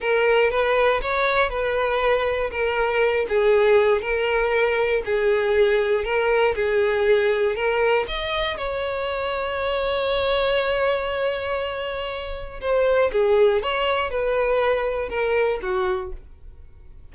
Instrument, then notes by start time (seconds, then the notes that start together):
violin
0.00 A#4
0.50 B4
1.01 C#5
1.49 B4
2.50 A#4
3.28 G#4
4.01 A#4
5.05 G#4
6.04 A#4
6.55 G#4
7.55 A#4
8.07 D#5
8.57 C#5
12.60 C5
13.12 G#4
13.62 C#5
14.10 B4
15.09 A#4
15.62 F#4